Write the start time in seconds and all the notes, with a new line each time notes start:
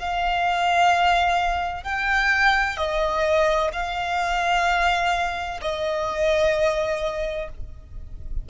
0.00 F5
1.84 G5
2.77 D#5
3.73 F5
5.62 D#5